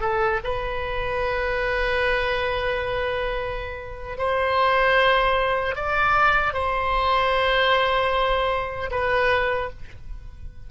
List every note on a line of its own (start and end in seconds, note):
0.00 0.39 A4
0.44 4.18 B4
4.18 5.75 C5
5.75 6.53 D5
6.53 8.90 C5
8.91 9.70 B4